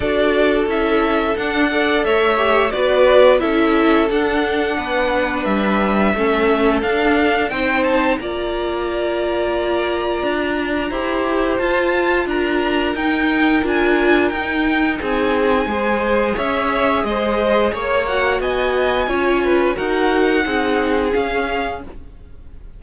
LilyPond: <<
  \new Staff \with { instrumentName = "violin" } { \time 4/4 \tempo 4 = 88 d''4 e''4 fis''4 e''4 | d''4 e''4 fis''2 | e''2 f''4 g''8 a''8 | ais''1~ |
ais''4 a''4 ais''4 g''4 | gis''4 g''4 gis''2 | e''4 dis''4 cis''8 fis''8 gis''4~ | gis''4 fis''2 f''4 | }
  \new Staff \with { instrumentName = "violin" } { \time 4/4 a'2~ a'8 d''8 cis''4 | b'4 a'2 b'4~ | b'4 a'2 c''4 | d''1 |
c''2 ais'2~ | ais'2 gis'4 c''4 | cis''4 c''4 cis''4 dis''4 | cis''8 b'8 ais'4 gis'2 | }
  \new Staff \with { instrumentName = "viola" } { \time 4/4 fis'4 e'4 d'8 a'4 g'8 | fis'4 e'4 d'2~ | d'4 cis'4 d'4 dis'4 | f'1 |
g'4 f'2 dis'4 | f'4 dis'2 gis'4~ | gis'2~ gis'8 fis'4. | f'4 fis'4 dis'4 cis'4 | }
  \new Staff \with { instrumentName = "cello" } { \time 4/4 d'4 cis'4 d'4 a4 | b4 cis'4 d'4 b4 | g4 a4 d'4 c'4 | ais2. d'4 |
e'4 f'4 d'4 dis'4 | d'4 dis'4 c'4 gis4 | cis'4 gis4 ais4 b4 | cis'4 dis'4 c'4 cis'4 | }
>>